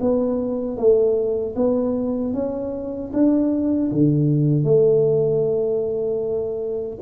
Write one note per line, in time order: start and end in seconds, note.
0.00 0.77 B3
0.77 1.54 A3
1.55 2.33 B3
2.33 3.11 C#4
3.13 3.91 D4
3.91 4.63 D3
4.63 6.97 A3